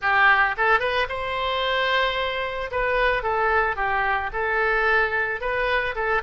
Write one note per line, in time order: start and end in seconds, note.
0.01 0.55 G4
0.57 0.79 A4
0.79 1.06 B4
1.08 2.70 C5
2.71 3.22 B4
3.22 3.76 A4
3.76 4.30 G4
4.32 5.41 A4
5.41 5.95 B4
5.95 6.22 A4